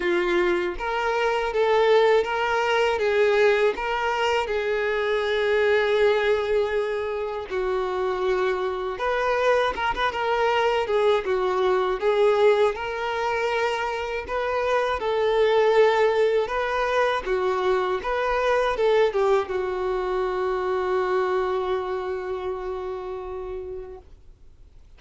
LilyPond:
\new Staff \with { instrumentName = "violin" } { \time 4/4 \tempo 4 = 80 f'4 ais'4 a'4 ais'4 | gis'4 ais'4 gis'2~ | gis'2 fis'2 | b'4 ais'16 b'16 ais'4 gis'8 fis'4 |
gis'4 ais'2 b'4 | a'2 b'4 fis'4 | b'4 a'8 g'8 fis'2~ | fis'1 | }